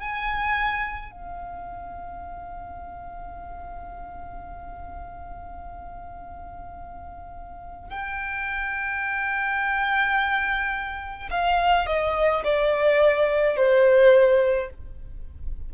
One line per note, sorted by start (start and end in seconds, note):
0.00 1.12 G#5
1.12 7.90 F5
7.90 11.30 G5
11.31 11.87 F5
11.87 12.43 D#5
12.44 13.56 D5
13.56 14.70 C5